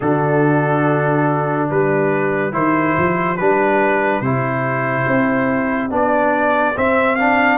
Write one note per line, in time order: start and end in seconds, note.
0.00 1.69 D3
0.00 2.52 D4
0.00 1.69 F#4
0.00 1.69 A4
1.69 2.52 G3
1.69 7.57 G4
1.69 2.53 B4
2.52 2.95 D#3
2.52 3.36 E4
2.52 3.36 C5
2.97 3.39 F3
3.36 4.20 G3
3.36 4.23 D4
3.36 4.21 B4
4.20 5.05 C3
4.20 5.90 E4
4.20 5.90 C5
5.07 5.90 C4
5.90 6.75 B3
5.90 6.74 D4
5.90 6.77 D5
6.76 7.18 C4
6.76 7.57 C4
6.76 7.15 E5
7.15 7.57 D4
7.15 7.57 F5